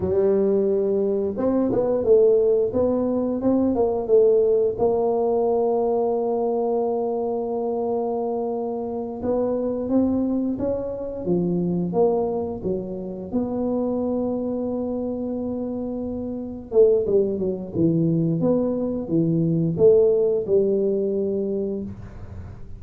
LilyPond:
\new Staff \with { instrumentName = "tuba" } { \time 4/4 \tempo 4 = 88 g2 c'8 b8 a4 | b4 c'8 ais8 a4 ais4~ | ais1~ | ais4. b4 c'4 cis'8~ |
cis'8 f4 ais4 fis4 b8~ | b1~ | b8 a8 g8 fis8 e4 b4 | e4 a4 g2 | }